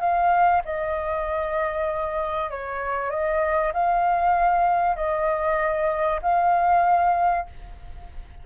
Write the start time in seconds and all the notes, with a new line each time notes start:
0.00 F5
0.65 D#5
2.51 C#5
3.11 D#5
3.73 F5
4.96 D#5
6.22 F5